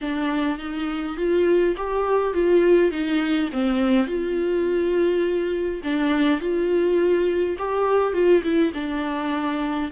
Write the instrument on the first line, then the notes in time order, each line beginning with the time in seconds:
viola
0.01 D4
0.58 D#4
1.17 F4
1.76 G4
2.33 F4
2.91 D#4
3.52 C4
4.06 F4
5.83 D4
6.40 F4
7.58 G4
8.13 F4
8.43 E4
8.74 D4